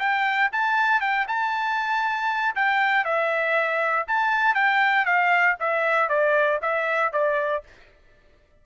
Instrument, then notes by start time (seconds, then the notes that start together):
trumpet
0.00 G5
0.53 A5
1.01 G5
1.29 A5
2.56 G5
3.05 E5
4.08 A5
4.55 G5
5.06 F5
5.60 E5
6.09 D5
6.62 E5
7.13 D5